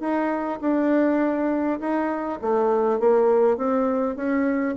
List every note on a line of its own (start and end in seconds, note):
0.00 0.59 D#4
0.61 1.80 D4
1.80 2.39 D#4
2.41 3.00 A3
3.00 3.57 A#3
3.57 4.16 C4
4.16 4.75 C#4